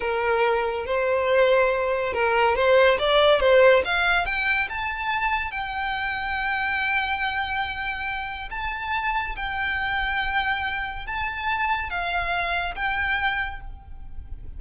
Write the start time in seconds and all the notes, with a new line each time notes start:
0.00 A#4
0.85 C5
2.13 A#4
2.55 C5
2.98 D5
3.40 C5
3.84 F5
4.25 G5
4.69 A5
5.51 G5
8.50 A5
9.36 G5
11.06 A5
11.89 F5
12.75 G5